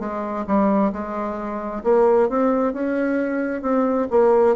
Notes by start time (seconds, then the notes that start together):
0.00 G#3
0.47 G3
0.93 G#3
1.84 A#3
2.30 C4
2.74 C#4
3.62 C4
4.11 A#3